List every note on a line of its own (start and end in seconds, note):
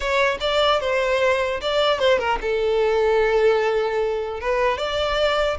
0.00 0.37 C#5
0.40 0.80 D5
0.80 1.60 C5
1.61 1.99 D5
1.99 2.19 C5
2.19 2.39 A#4
2.41 4.40 A4
4.40 4.77 B4
4.77 5.57 D5